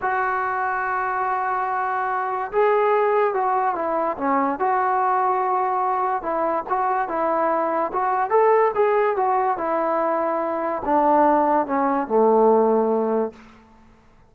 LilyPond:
\new Staff \with { instrumentName = "trombone" } { \time 4/4 \tempo 4 = 144 fis'1~ | fis'2 gis'2 | fis'4 e'4 cis'4 fis'4~ | fis'2. e'4 |
fis'4 e'2 fis'4 | a'4 gis'4 fis'4 e'4~ | e'2 d'2 | cis'4 a2. | }